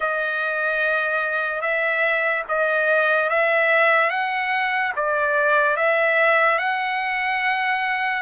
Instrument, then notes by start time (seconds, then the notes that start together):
trumpet
0.00 D#5
1.61 E5
2.48 D#5
3.29 E5
4.10 F#5
4.95 D5
5.76 E5
6.58 F#5